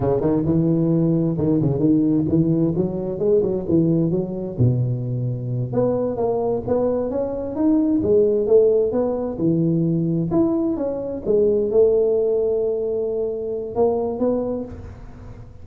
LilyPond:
\new Staff \with { instrumentName = "tuba" } { \time 4/4 \tempo 4 = 131 cis8 dis8 e2 dis8 cis8 | dis4 e4 fis4 gis8 fis8 | e4 fis4 b,2~ | b,8 b4 ais4 b4 cis'8~ |
cis'8 dis'4 gis4 a4 b8~ | b8 e2 e'4 cis'8~ | cis'8 gis4 a2~ a8~ | a2 ais4 b4 | }